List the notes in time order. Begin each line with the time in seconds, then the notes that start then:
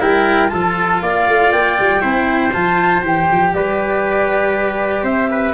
0.00 G3 E4 A#4 G5
0.48 F3 F4 A4 A5
1.02 A#3 D5 F5
1.27 A3
1.52 A#3 G5
1.79 G3
2.00 C4 E4 C5
2.53 F3 F4 A5
3.02 E3 G4 G5
3.31 F3
3.53 G3 B4 D5
5.03 C4 C5 E5
5.31 B4